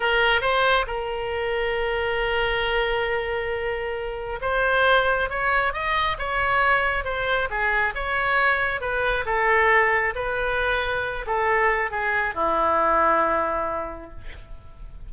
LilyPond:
\new Staff \with { instrumentName = "oboe" } { \time 4/4 \tempo 4 = 136 ais'4 c''4 ais'2~ | ais'1~ | ais'2 c''2 | cis''4 dis''4 cis''2 |
c''4 gis'4 cis''2 | b'4 a'2 b'4~ | b'4. a'4. gis'4 | e'1 | }